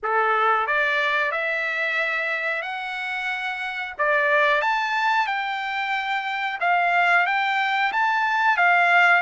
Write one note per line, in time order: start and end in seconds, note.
0.02 0.66 A4
0.66 1.31 D5
1.31 2.62 E5
2.62 3.94 F#5
3.98 4.61 D5
4.61 5.26 A5
5.26 6.58 G5
6.60 7.26 F5
7.26 7.92 G5
7.92 8.57 A5
8.57 9.22 F5